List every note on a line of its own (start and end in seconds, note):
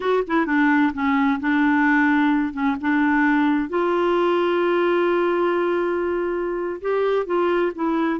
0.00 0.23 F#4
0.27 0.46 E4
0.46 0.92 D4
0.93 1.39 C#4
1.40 2.53 D4
2.53 2.76 C#4
2.80 3.69 D4
3.69 6.80 F4
6.81 7.26 G4
7.26 7.72 F4
7.75 8.20 E4